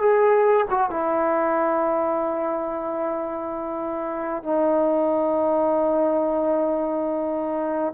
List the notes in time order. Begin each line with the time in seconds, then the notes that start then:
0.00 G#4
0.70 F#4
0.91 E4
4.43 D#4